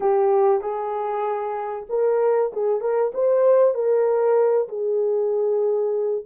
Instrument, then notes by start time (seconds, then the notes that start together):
horn
0.00 G4
0.61 G#4
1.89 A#4
2.53 G#4
2.80 A#4
3.13 C5
3.74 A#4
4.68 G#4